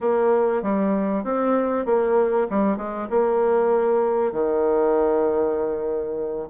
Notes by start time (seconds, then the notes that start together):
0.00 A#3
0.62 G3
1.24 C4
1.85 A#3
2.50 G3
2.77 G#3
3.10 A#3
4.32 D#3